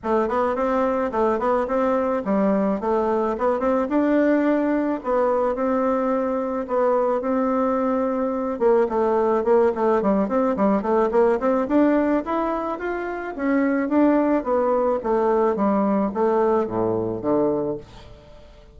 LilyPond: \new Staff \with { instrumentName = "bassoon" } { \time 4/4 \tempo 4 = 108 a8 b8 c'4 a8 b8 c'4 | g4 a4 b8 c'8 d'4~ | d'4 b4 c'2 | b4 c'2~ c'8 ais8 |
a4 ais8 a8 g8 c'8 g8 a8 | ais8 c'8 d'4 e'4 f'4 | cis'4 d'4 b4 a4 | g4 a4 a,4 d4 | }